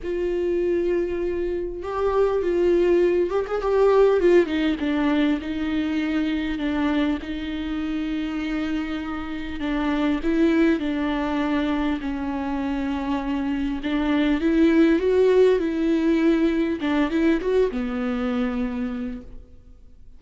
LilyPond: \new Staff \with { instrumentName = "viola" } { \time 4/4 \tempo 4 = 100 f'2. g'4 | f'4. g'16 gis'16 g'4 f'8 dis'8 | d'4 dis'2 d'4 | dis'1 |
d'4 e'4 d'2 | cis'2. d'4 | e'4 fis'4 e'2 | d'8 e'8 fis'8 b2~ b8 | }